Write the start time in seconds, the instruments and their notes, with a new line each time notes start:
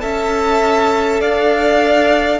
0.00 cello C#4, viola A4, violin E5 A5
1.21 cello D4, violin D5 F5